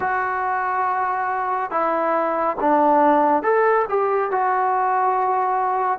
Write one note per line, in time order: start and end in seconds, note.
0.00 1.70 F#4
1.70 2.56 E4
2.60 3.42 D4
3.42 3.85 A4
3.88 4.31 G4
4.31 5.98 F#4